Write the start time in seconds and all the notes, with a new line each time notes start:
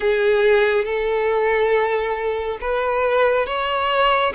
0.00 G#4
0.84 A4
2.60 B4
3.46 C#5